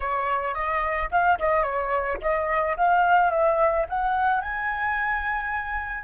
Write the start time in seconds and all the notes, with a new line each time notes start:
0.00 C#5
0.54 D#5
1.11 F5
1.39 D#5
1.63 C#5
2.21 D#5
2.76 F5
3.30 E5
3.89 F#5
4.41 G#5